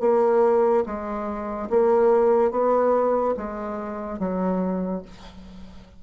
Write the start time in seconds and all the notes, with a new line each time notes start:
0.00 A#3
0.86 G#3
1.69 A#3
2.51 B3
3.37 G#3
4.19 F#3